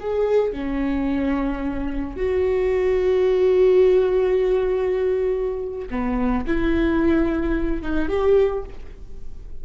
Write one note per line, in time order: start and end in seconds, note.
0.00 0.52 G#4
0.52 2.16 C#4
2.16 5.88 F#4
5.90 6.45 B3
6.47 7.82 E4
7.82 8.09 D#4
8.09 8.64 G4